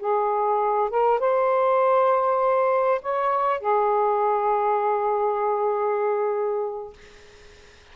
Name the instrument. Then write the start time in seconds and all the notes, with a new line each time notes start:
saxophone
0.00 G#4
0.90 A#4
1.20 C5
3.02 C#5
3.61 G#4